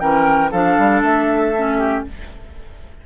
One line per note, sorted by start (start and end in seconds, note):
0.00 0.52 E3
0.00 0.51 C#4
0.00 0.51 A#4
0.00 0.51 G5
0.51 0.77 F3
0.51 1.55 D4
0.51 1.78 A4
0.51 1.02 F5
0.78 1.02 G3
1.02 2.04 A3
1.02 2.05 E5
1.56 2.06 C#4
1.78 2.04 G4